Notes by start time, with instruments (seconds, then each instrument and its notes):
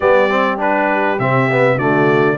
0.00 tuba G3, trombone B3, horn G4, trumpet D5
0.29 trombone C4
0.58 trombone D4, trumpet B4
1.19 tuba C3, trombone C4, trumpet E5
1.51 trombone B3
1.76 tuba D3, trombone A3, horn F#4, trumpet D5